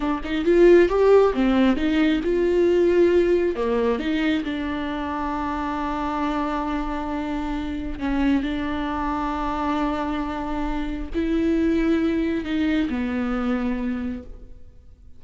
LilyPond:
\new Staff \with { instrumentName = "viola" } { \time 4/4 \tempo 4 = 135 d'8 dis'8 f'4 g'4 c'4 | dis'4 f'2. | ais4 dis'4 d'2~ | d'1~ |
d'2 cis'4 d'4~ | d'1~ | d'4 e'2. | dis'4 b2. | }